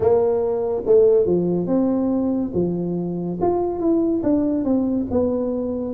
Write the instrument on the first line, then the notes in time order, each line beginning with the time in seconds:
tuba
0.00 A#3
0.86 A3
1.26 F3
1.67 C4
2.54 F3
3.41 F4
3.79 E4
4.23 D4
4.64 C4
5.10 B3